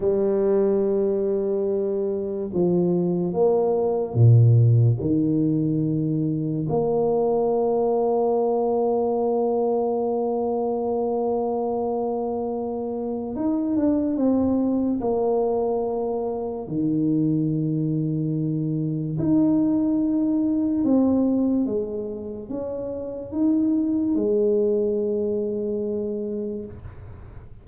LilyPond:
\new Staff \with { instrumentName = "tuba" } { \time 4/4 \tempo 4 = 72 g2. f4 | ais4 ais,4 dis2 | ais1~ | ais1 |
dis'8 d'8 c'4 ais2 | dis2. dis'4~ | dis'4 c'4 gis4 cis'4 | dis'4 gis2. | }